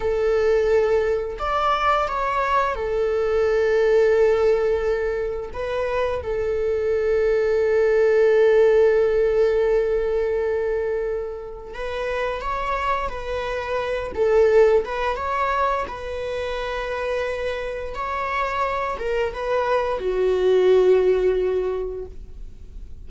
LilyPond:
\new Staff \with { instrumentName = "viola" } { \time 4/4 \tempo 4 = 87 a'2 d''4 cis''4 | a'1 | b'4 a'2.~ | a'1~ |
a'4 b'4 cis''4 b'4~ | b'8 a'4 b'8 cis''4 b'4~ | b'2 cis''4. ais'8 | b'4 fis'2. | }